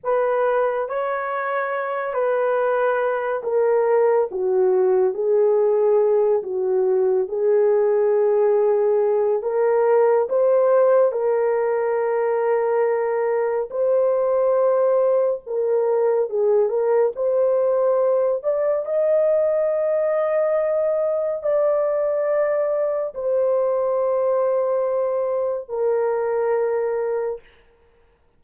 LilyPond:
\new Staff \with { instrumentName = "horn" } { \time 4/4 \tempo 4 = 70 b'4 cis''4. b'4. | ais'4 fis'4 gis'4. fis'8~ | fis'8 gis'2~ gis'8 ais'4 | c''4 ais'2. |
c''2 ais'4 gis'8 ais'8 | c''4. d''8 dis''2~ | dis''4 d''2 c''4~ | c''2 ais'2 | }